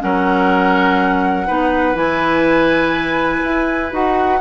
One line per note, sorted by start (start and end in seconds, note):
0.00 1.49 F#3
0.00 1.46 C#4
0.00 1.47 A#4
0.00 1.97 F#5
1.47 1.95 B3
1.47 1.95 D#4
1.47 4.40 B4
1.95 3.41 E3
1.95 3.90 E4
1.95 3.92 G#5
3.44 3.92 E4
3.91 4.41 D#4
3.91 4.40 F#4
3.91 4.42 F#5